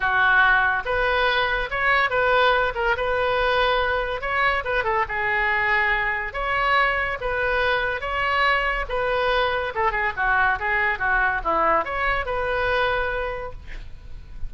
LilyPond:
\new Staff \with { instrumentName = "oboe" } { \time 4/4 \tempo 4 = 142 fis'2 b'2 | cis''4 b'4. ais'8 b'4~ | b'2 cis''4 b'8 a'8 | gis'2. cis''4~ |
cis''4 b'2 cis''4~ | cis''4 b'2 a'8 gis'8 | fis'4 gis'4 fis'4 e'4 | cis''4 b'2. | }